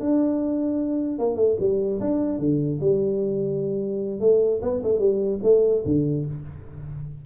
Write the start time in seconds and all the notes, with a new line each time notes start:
0.00 D4
1.19 A#3
1.36 A3
1.60 G3
2.00 D4
2.39 D3
2.81 G3
4.20 A3
4.62 B3
4.83 A3
4.99 G3
5.43 A3
5.85 D3